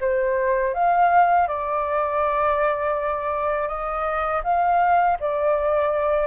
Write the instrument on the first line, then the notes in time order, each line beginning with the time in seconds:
flute
0.00 C5
0.74 F5
1.47 D5
3.68 D#5
4.43 F5
5.20 D5